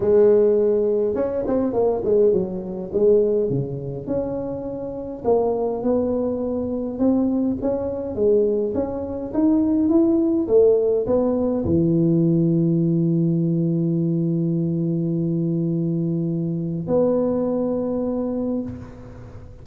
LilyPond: \new Staff \with { instrumentName = "tuba" } { \time 4/4 \tempo 4 = 103 gis2 cis'8 c'8 ais8 gis8 | fis4 gis4 cis4 cis'4~ | cis'4 ais4 b2 | c'4 cis'4 gis4 cis'4 |
dis'4 e'4 a4 b4 | e1~ | e1~ | e4 b2. | }